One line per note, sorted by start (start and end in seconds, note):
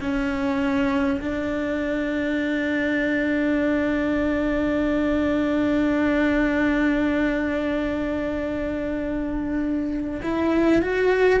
0.00 1.20 C#4
1.21 10.21 D4
10.22 10.82 E4
10.82 11.40 F#4